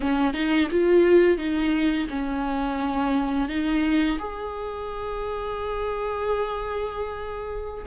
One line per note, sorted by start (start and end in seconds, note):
0.00 0.33 C#4
0.33 0.68 D#4
0.70 1.37 F4
1.37 2.07 D#4
2.09 3.48 C#4
3.48 4.18 D#4
4.19 7.85 G#4